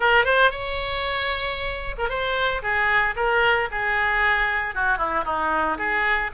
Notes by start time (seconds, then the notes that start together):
0.00 A#4
0.24 C5
0.50 C#5
1.98 A#4
2.09 C5
2.62 G#4
3.16 A#4
3.71 G#4
4.74 F#4
4.98 E4
5.24 D#4
5.78 G#4